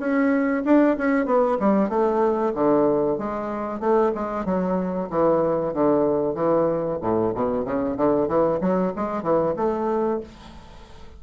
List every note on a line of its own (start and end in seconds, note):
0.00 0.64 C#4
0.65 0.97 D4
0.98 1.26 C#4
1.26 1.58 B3
1.60 1.89 G3
1.89 2.53 A3
2.55 3.18 D3
3.18 3.80 G#3
3.80 4.12 A3
4.15 4.45 G#3
4.45 5.09 F#3
5.10 5.74 E3
5.74 6.35 D3
6.35 6.99 E3
7.02 7.34 A2
7.35 7.65 B2
7.65 7.97 C#3
7.97 8.28 D3
8.28 8.60 E3
8.61 8.93 F#3
8.96 9.23 G#3
9.23 9.55 E3
9.57 10.21 A3